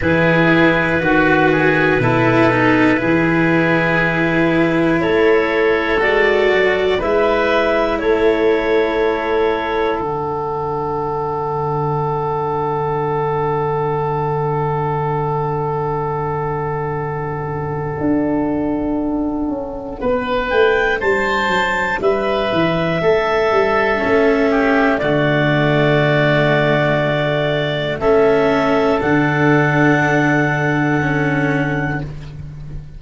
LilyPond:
<<
  \new Staff \with { instrumentName = "clarinet" } { \time 4/4 \tempo 4 = 60 b'1~ | b'4 cis''4 d''4 e''4 | cis''2 fis''2~ | fis''1~ |
fis''1~ | fis''8 g''8 a''4 e''2~ | e''4 d''2. | e''4 fis''2. | }
  \new Staff \with { instrumentName = "oboe" } { \time 4/4 gis'4 fis'8 gis'8 a'4 gis'4~ | gis'4 a'2 b'4 | a'1~ | a'1~ |
a'1 | b'4 c''4 b'4 a'4~ | a'8 g'8 fis'2. | a'1 | }
  \new Staff \with { instrumentName = "cello" } { \time 4/4 e'4 fis'4 e'8 dis'8 e'4~ | e'2 fis'4 e'4~ | e'2 d'2~ | d'1~ |
d'1~ | d'1 | cis'4 a2. | cis'4 d'2 cis'4 | }
  \new Staff \with { instrumentName = "tuba" } { \time 4/4 e4 dis4 b,4 e4~ | e4 a4 gis8 fis8 gis4 | a2 d2~ | d1~ |
d2 d'4. cis'8 | b8 a8 g8 fis8 g8 e8 a8 g8 | a4 d2. | a4 d2. | }
>>